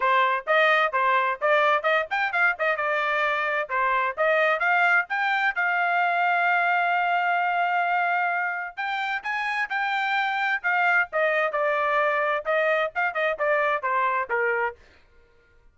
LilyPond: \new Staff \with { instrumentName = "trumpet" } { \time 4/4 \tempo 4 = 130 c''4 dis''4 c''4 d''4 | dis''8 g''8 f''8 dis''8 d''2 | c''4 dis''4 f''4 g''4 | f''1~ |
f''2. g''4 | gis''4 g''2 f''4 | dis''4 d''2 dis''4 | f''8 dis''8 d''4 c''4 ais'4 | }